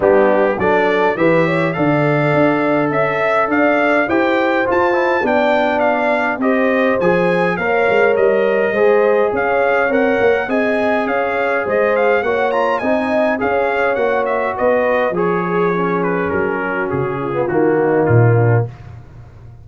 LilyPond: <<
  \new Staff \with { instrumentName = "trumpet" } { \time 4/4 \tempo 4 = 103 g'4 d''4 e''4 f''4~ | f''4 e''4 f''4 g''4 | a''4 g''4 f''4 dis''4 | gis''4 f''4 dis''2 |
f''4 fis''4 gis''4 f''4 | dis''8 f''8 fis''8 ais''8 gis''4 f''4 | fis''8 e''8 dis''4 cis''4. b'8 | ais'4 gis'4 fis'4 f'4 | }
  \new Staff \with { instrumentName = "horn" } { \time 4/4 d'4 a'4 b'8 cis''8 d''4~ | d''4 e''4 d''4 c''4~ | c''4 d''2 c''4~ | c''4 cis''2 c''4 |
cis''2 dis''4 cis''4 | c''4 cis''4 dis''4 cis''4~ | cis''4 b'4 gis'2~ | gis'8 fis'4 f'4 dis'4 d'8 | }
  \new Staff \with { instrumentName = "trombone" } { \time 4/4 b4 d'4 g'4 a'4~ | a'2. g'4 | f'8 e'8 d'2 g'4 | gis'4 ais'2 gis'4~ |
gis'4 ais'4 gis'2~ | gis'4 fis'8 f'8 dis'4 gis'4 | fis'2 gis'4 cis'4~ | cis'4.~ cis'16 b16 ais2 | }
  \new Staff \with { instrumentName = "tuba" } { \time 4/4 g4 fis4 e4 d4 | d'4 cis'4 d'4 e'4 | f'4 b2 c'4 | f4 ais8 gis8 g4 gis4 |
cis'4 c'8 ais8 c'4 cis'4 | gis4 ais4 c'4 cis'4 | ais4 b4 f2 | fis4 cis4 dis4 ais,4 | }
>>